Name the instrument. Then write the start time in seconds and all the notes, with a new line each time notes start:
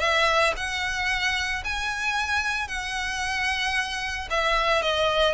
violin
0.00 E5
0.56 F#5
1.64 G#5
2.68 F#5
4.30 E5
4.82 D#5